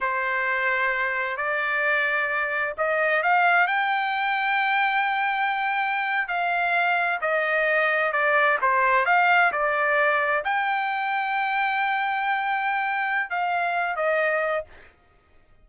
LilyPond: \new Staff \with { instrumentName = "trumpet" } { \time 4/4 \tempo 4 = 131 c''2. d''4~ | d''2 dis''4 f''4 | g''1~ | g''4.~ g''16 f''2 dis''16~ |
dis''4.~ dis''16 d''4 c''4 f''16~ | f''8. d''2 g''4~ g''16~ | g''1~ | g''4 f''4. dis''4. | }